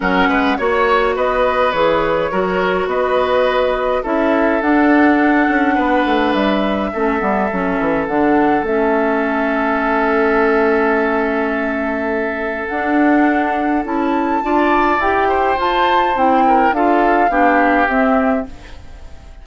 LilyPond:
<<
  \new Staff \with { instrumentName = "flute" } { \time 4/4 \tempo 4 = 104 fis''4 cis''4 dis''4 cis''4~ | cis''4 dis''2 e''4 | fis''2. e''4~ | e''2 fis''4 e''4~ |
e''1~ | e''2 fis''2 | a''2 g''4 a''4 | g''4 f''2 e''4 | }
  \new Staff \with { instrumentName = "oboe" } { \time 4/4 ais'8 b'8 cis''4 b'2 | ais'4 b'2 a'4~ | a'2 b'2 | a'1~ |
a'1~ | a'1~ | a'4 d''4. c''4.~ | c''8 ais'8 a'4 g'2 | }
  \new Staff \with { instrumentName = "clarinet" } { \time 4/4 cis'4 fis'2 gis'4 | fis'2. e'4 | d'1 | cis'8 b8 cis'4 d'4 cis'4~ |
cis'1~ | cis'2 d'2 | e'4 f'4 g'4 f'4 | e'4 f'4 d'4 c'4 | }
  \new Staff \with { instrumentName = "bassoon" } { \time 4/4 fis8 gis8 ais4 b4 e4 | fis4 b2 cis'4 | d'4. cis'8 b8 a8 g4 | a8 g8 fis8 e8 d4 a4~ |
a1~ | a2 d'2 | cis'4 d'4 e'4 f'4 | c'4 d'4 b4 c'4 | }
>>